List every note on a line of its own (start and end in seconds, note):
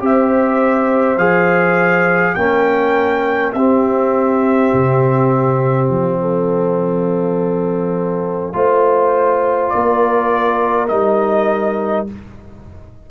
0.00 1.17 C4
0.00 1.18 G4
0.00 2.38 C5
0.00 1.18 E5
1.17 2.35 F3
1.17 2.37 G#4
1.17 2.35 F5
2.35 3.54 A#3
2.35 3.55 C#4
2.35 3.55 A#4
2.35 3.53 G5
3.53 4.71 C4
3.53 8.53 C4
3.53 6.20 G4
3.53 5.88 E5
4.74 5.89 C3
5.89 8.54 F3
5.89 9.69 F5
6.22 8.56 A4
8.53 9.72 A3
8.53 10.89 F4
8.53 9.73 C5
9.69 10.90 A#3
9.69 10.87 D5
9.75 12.11 A#4
10.88 12.08 G3
10.88 12.07 D#4
10.88 12.06 D#5